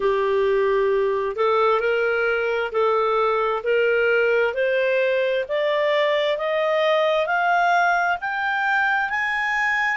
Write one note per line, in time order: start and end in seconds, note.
0.00 1.36 G4
1.36 1.80 A4
1.80 2.71 A#4
2.71 3.62 A4
3.63 4.53 A#4
4.53 5.44 C5
5.48 6.37 D5
6.37 7.26 D#5
7.26 8.17 F5
8.20 9.09 G5
9.09 9.96 G#5